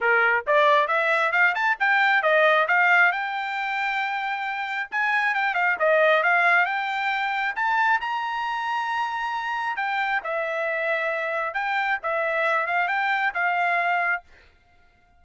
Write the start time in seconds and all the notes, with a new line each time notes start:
0.00 A#4
0.46 D5
0.87 E5
1.32 F5
1.54 A5
1.79 G5
2.22 D#5
2.67 F5
3.12 G5
4.91 G#5
5.34 G5
5.54 F5
5.79 D#5
6.23 F5
6.65 G5
7.55 A5
8.01 A#5
9.76 G5
10.23 E5
11.53 G5
12.02 E5
12.66 F5
12.88 G5
13.34 F5